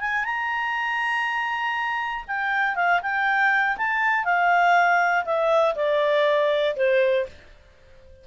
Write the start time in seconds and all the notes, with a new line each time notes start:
0.00 G#5
0.24 A#5
2.27 G5
2.75 F5
3.02 G5
3.77 A5
4.24 F5
5.25 E5
5.75 D5
6.76 C5